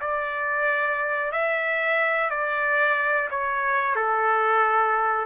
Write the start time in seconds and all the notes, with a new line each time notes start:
0.00 D5
1.32 E5
2.30 D5
3.30 C#5
3.96 A4